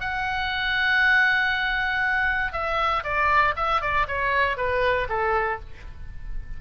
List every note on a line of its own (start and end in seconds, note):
0.00 2.52 F#5
2.52 3.03 E5
3.04 3.55 D5
3.56 3.81 E5
3.81 4.07 D5
4.08 4.57 C#5
4.57 5.08 B4
5.09 5.60 A4